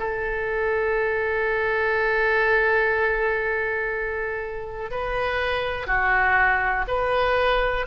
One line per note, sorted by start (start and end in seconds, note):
0.00 4.91 A4
4.91 5.87 B4
5.87 6.86 F#4
6.88 7.86 B4